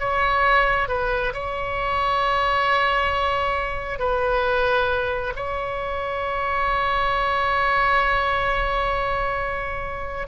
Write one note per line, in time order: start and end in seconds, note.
0.00 0.88 C#5
0.88 1.33 B4
1.34 3.99 C#5
3.99 5.34 B4
5.36 10.28 C#5